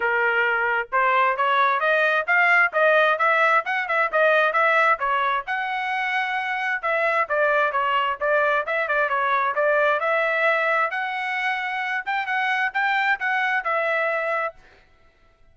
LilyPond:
\new Staff \with { instrumentName = "trumpet" } { \time 4/4 \tempo 4 = 132 ais'2 c''4 cis''4 | dis''4 f''4 dis''4 e''4 | fis''8 e''8 dis''4 e''4 cis''4 | fis''2. e''4 |
d''4 cis''4 d''4 e''8 d''8 | cis''4 d''4 e''2 | fis''2~ fis''8 g''8 fis''4 | g''4 fis''4 e''2 | }